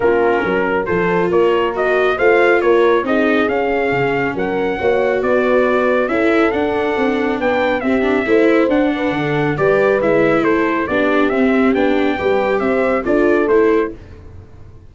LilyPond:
<<
  \new Staff \with { instrumentName = "trumpet" } { \time 4/4 \tempo 4 = 138 ais'2 c''4 cis''4 | dis''4 f''4 cis''4 dis''4 | f''2 fis''2 | d''2 e''4 fis''4~ |
fis''4 g''4 e''2 | fis''2 d''4 e''4 | c''4 d''4 e''4 g''4~ | g''4 e''4 d''4 c''4 | }
  \new Staff \with { instrumentName = "horn" } { \time 4/4 f'4 ais'4 a'4 ais'4~ | ais'4 c''4 ais'4 gis'4~ | gis'2 ais'4 cis''4 | b'2 a'2~ |
a'4 b'4 g'4 c''4~ | c''8 b'8 a'4 b'2 | a'4 g'2. | b'4 c''4 a'2 | }
  \new Staff \with { instrumentName = "viola" } { \time 4/4 cis'2 f'2 | fis'4 f'2 dis'4 | cis'2. fis'4~ | fis'2 e'4 d'4~ |
d'2 c'8 d'8 e'4 | d'2 g'4 e'4~ | e'4 d'4 c'4 d'4 | g'2 f'4 e'4 | }
  \new Staff \with { instrumentName = "tuba" } { \time 4/4 ais4 fis4 f4 ais4~ | ais4 a4 ais4 c'4 | cis'4 cis4 fis4 ais4 | b2 cis'4 d'4 |
c'4 b4 c'4 a4 | d'4 d4 g4 gis4 | a4 b4 c'4 b4 | g4 c'4 d'4 a4 | }
>>